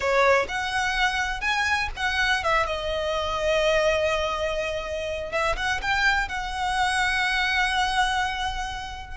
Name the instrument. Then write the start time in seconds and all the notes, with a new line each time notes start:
violin
0.00 C#5
0.48 F#5
1.40 G#5
1.96 F#5
2.43 E5
2.66 D#5
5.31 E5
5.56 F#5
5.81 G5
6.28 F#5